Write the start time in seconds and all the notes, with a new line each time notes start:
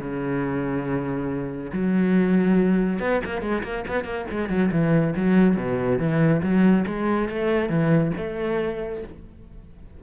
0.00 C#3
1.72 F#3
3.00 B3
3.25 A#3
3.42 G#3
3.63 A#3
3.88 B3
4.04 A#3
4.31 G#3
4.49 F#3
4.72 E3
5.16 F#3
5.57 B2
5.99 E3
6.42 F#3
6.87 G#3
7.29 A3
7.69 E3
8.17 A3